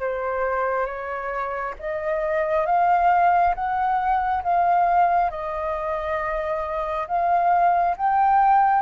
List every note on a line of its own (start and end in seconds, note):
0.00 0.86 C5
0.86 1.74 C#5
1.79 2.66 D#5
2.66 3.54 F5
3.55 4.43 F#5
4.43 5.31 F5
5.31 7.07 D#5
7.07 7.96 F5
7.97 8.82 G5